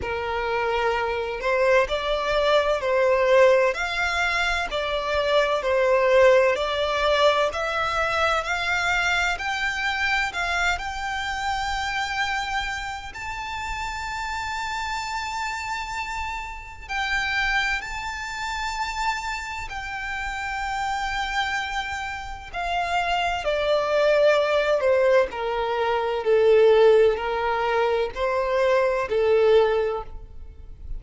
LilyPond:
\new Staff \with { instrumentName = "violin" } { \time 4/4 \tempo 4 = 64 ais'4. c''8 d''4 c''4 | f''4 d''4 c''4 d''4 | e''4 f''4 g''4 f''8 g''8~ | g''2 a''2~ |
a''2 g''4 a''4~ | a''4 g''2. | f''4 d''4. c''8 ais'4 | a'4 ais'4 c''4 a'4 | }